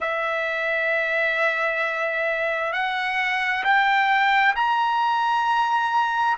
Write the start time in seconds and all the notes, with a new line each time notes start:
0.00 E5
2.72 F#5
3.64 G5
4.55 A#5